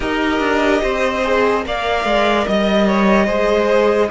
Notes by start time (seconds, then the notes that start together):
0.00 D#4 G4 A#4 D#5
0.39 D4
0.82 C4 C5
1.23 G#4
1.62 A#3 A#4 D5 F5
2.04 G#3
2.46 G3 D#5
2.86 C#5
3.26 G#3 G#4 C5